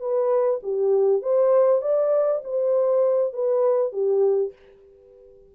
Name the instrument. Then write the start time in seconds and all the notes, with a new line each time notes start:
horn
0.00 B4
0.63 G4
1.22 C5
1.82 D5
2.44 C5
3.33 B4
3.92 G4